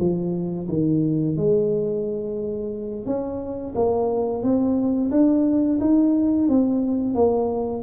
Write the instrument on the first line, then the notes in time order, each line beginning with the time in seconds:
tuba
0.00 F3
0.69 D#3
1.37 G#3
3.06 C#4
3.76 A#3
4.43 C4
5.11 D4
5.81 D#4
6.49 C4
7.15 A#3